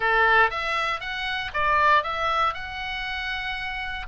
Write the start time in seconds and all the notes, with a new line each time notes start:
0.00 A4
0.50 E5
1.00 F#5
1.53 D5
2.03 E5
2.54 F#5